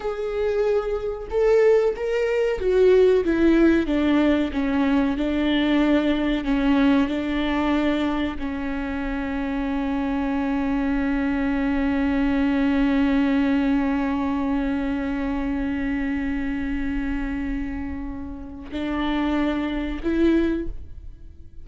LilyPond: \new Staff \with { instrumentName = "viola" } { \time 4/4 \tempo 4 = 93 gis'2 a'4 ais'4 | fis'4 e'4 d'4 cis'4 | d'2 cis'4 d'4~ | d'4 cis'2.~ |
cis'1~ | cis'1~ | cis'1~ | cis'4 d'2 e'4 | }